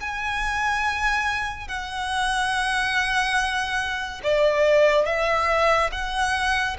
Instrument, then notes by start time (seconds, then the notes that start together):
violin
0.00 G#5
1.67 F#5
4.23 D5
5.06 E5
5.92 F#5